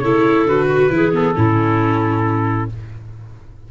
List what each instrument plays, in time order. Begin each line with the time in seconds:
0.00 tuba C#3, viola E4, clarinet A4, trumpet C#5
0.43 tuba D3, viola F#4, trumpet B4
0.67 clarinet F#4
0.90 tuba E3, viola E4, clarinet G#4
1.13 viola B3, trumpet A4
1.36 tuba A2, viola C#4, clarinet E4